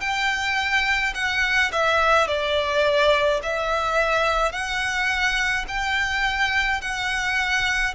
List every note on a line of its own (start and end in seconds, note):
0.00 1.13 G5
1.14 1.71 F#5
1.71 2.27 E5
2.27 3.40 D5
3.43 4.52 E5
4.52 5.65 F#5
5.68 6.81 G5
6.81 7.94 F#5